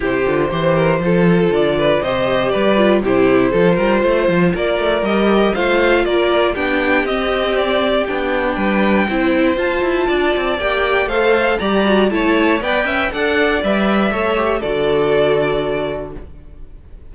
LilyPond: <<
  \new Staff \with { instrumentName = "violin" } { \time 4/4 \tempo 4 = 119 c''2. d''4 | dis''4 d''4 c''2~ | c''4 d''4 dis''4 f''4 | d''4 g''4 dis''4 d''4 |
g''2. a''4~ | a''4 g''4 f''4 ais''4 | a''4 g''4 fis''4 e''4~ | e''4 d''2. | }
  \new Staff \with { instrumentName = "violin" } { \time 4/4 g'4 c''8 ais'8 a'4. b'8 | c''4 b'4 g'4 a'8 ais'8 | c''4 ais'2 c''4 | ais'4 g'2.~ |
g'4 b'4 c''2 | d''2 c''4 d''4 | cis''4 d''8 e''8 d''2 | cis''4 a'2. | }
  \new Staff \with { instrumentName = "viola" } { \time 4/4 e'8 f'8 g'4 f'2 | g'4. f'8 e'4 f'4~ | f'2 g'4 f'4~ | f'4 d'4 c'2 |
d'2 e'4 f'4~ | f'4 g'4 a'4 g'8 fis'8 | e'4 b'4 a'4 b'4 | a'8 g'8 fis'2. | }
  \new Staff \with { instrumentName = "cello" } { \time 4/4 c8 d8 e4 f4 d4 | c4 g4 c4 f8 g8 | a8 f8 ais8 a8 g4 a4 | ais4 b4 c'2 |
b4 g4 c'4 f'8 e'8 | d'8 c'8 ais4 a4 g4 | a4 b8 cis'8 d'4 g4 | a4 d2. | }
>>